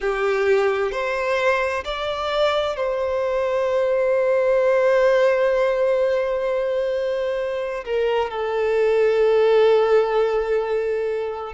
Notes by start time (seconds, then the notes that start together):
0.00 G4
0.91 C5
1.84 D5
2.76 C5
7.84 A#4
8.30 A4